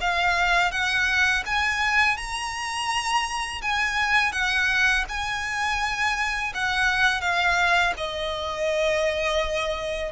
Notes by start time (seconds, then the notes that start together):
0.00 F5
0.71 F#5
1.46 G#5
2.17 A#5
3.61 G#5
4.32 F#5
5.08 G#5
6.54 F#5
7.21 F5
7.97 D#5